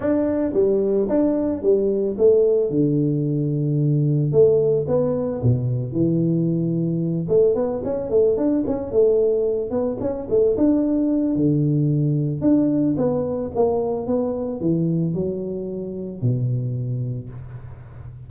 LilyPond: \new Staff \with { instrumentName = "tuba" } { \time 4/4 \tempo 4 = 111 d'4 g4 d'4 g4 | a4 d2. | a4 b4 b,4 e4~ | e4. a8 b8 cis'8 a8 d'8 |
cis'8 a4. b8 cis'8 a8 d'8~ | d'4 d2 d'4 | b4 ais4 b4 e4 | fis2 b,2 | }